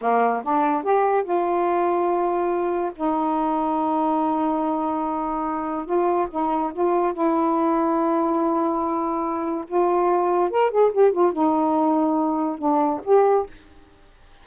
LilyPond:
\new Staff \with { instrumentName = "saxophone" } { \time 4/4 \tempo 4 = 143 ais4 d'4 g'4 f'4~ | f'2. dis'4~ | dis'1~ | dis'2 f'4 dis'4 |
f'4 e'2.~ | e'2. f'4~ | f'4 ais'8 gis'8 g'8 f'8 dis'4~ | dis'2 d'4 g'4 | }